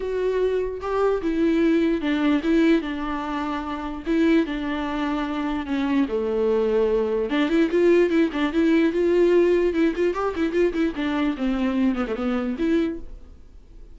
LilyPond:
\new Staff \with { instrumentName = "viola" } { \time 4/4 \tempo 4 = 148 fis'2 g'4 e'4~ | e'4 d'4 e'4 d'4~ | d'2 e'4 d'4~ | d'2 cis'4 a4~ |
a2 d'8 e'8 f'4 | e'8 d'8 e'4 f'2 | e'8 f'8 g'8 e'8 f'8 e'8 d'4 | c'4. b16 a16 b4 e'4 | }